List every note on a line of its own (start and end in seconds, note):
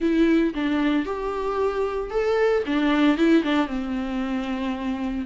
0.00 0.53 E4
0.54 1.05 D4
1.05 2.10 G4
2.10 2.63 A4
2.66 3.17 D4
3.17 3.43 E4
3.43 3.67 D4
3.67 5.25 C4